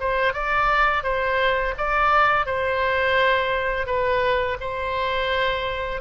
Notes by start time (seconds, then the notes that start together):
0.00 C5
0.33 D5
1.03 C5
1.78 D5
2.46 C5
3.86 B4
4.60 C5